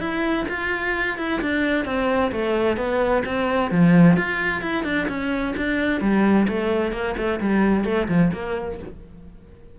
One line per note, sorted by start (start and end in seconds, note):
0.00 0.46 E4
0.49 1.18 F4
1.18 1.41 E4
1.42 1.85 D4
1.85 2.31 C4
2.32 2.77 A3
2.77 3.23 B3
3.25 3.71 C4
3.71 4.17 F3
4.17 4.61 F4
4.61 4.84 E4
4.84 5.07 D4
5.08 5.54 C#4
5.57 6.01 D4
6.01 6.47 G3
6.48 6.93 A3
6.93 7.16 A#3
7.17 7.40 A3
7.40 7.85 G3
7.85 8.08 A3
8.08 8.31 F3
8.33 8.79 A#3